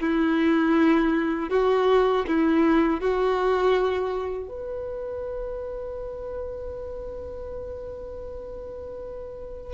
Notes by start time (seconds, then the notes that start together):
0.00 E4
1.50 F#4
2.27 E4
3.00 F#4
4.49 B4